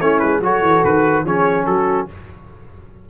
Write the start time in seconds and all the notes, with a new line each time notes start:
0.00 A3 C#4 E4 C#5
0.19 G#3 B4
0.40 F#3 F#4 A4 C#5
0.61 E3
0.84 D#3 B4
1.25 F3 C#4 G#4 C#5
1.66 F#3 F#4 A4